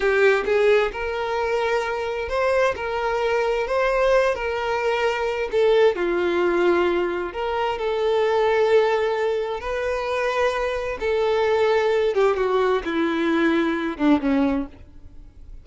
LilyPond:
\new Staff \with { instrumentName = "violin" } { \time 4/4 \tempo 4 = 131 g'4 gis'4 ais'2~ | ais'4 c''4 ais'2 | c''4. ais'2~ ais'8 | a'4 f'2. |
ais'4 a'2.~ | a'4 b'2. | a'2~ a'8 g'8 fis'4 | e'2~ e'8 d'8 cis'4 | }